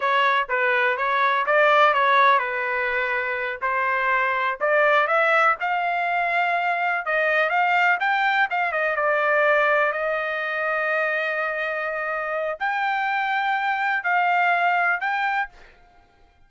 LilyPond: \new Staff \with { instrumentName = "trumpet" } { \time 4/4 \tempo 4 = 124 cis''4 b'4 cis''4 d''4 | cis''4 b'2~ b'8 c''8~ | c''4. d''4 e''4 f''8~ | f''2~ f''8 dis''4 f''8~ |
f''8 g''4 f''8 dis''8 d''4.~ | d''8 dis''2.~ dis''8~ | dis''2 g''2~ | g''4 f''2 g''4 | }